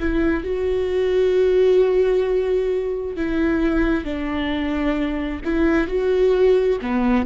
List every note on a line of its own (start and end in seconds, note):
0.00 0.44 E4
0.44 3.17 F#4
3.17 4.05 E4
4.05 5.41 D4
5.45 5.88 E4
5.88 6.79 F#4
6.82 7.26 B3